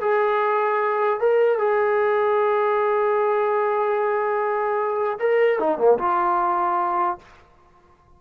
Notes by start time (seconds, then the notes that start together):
0.00 G#4
1.20 A#4
1.58 G#4
5.19 A#4
5.59 D#4
5.77 A#3
5.98 F4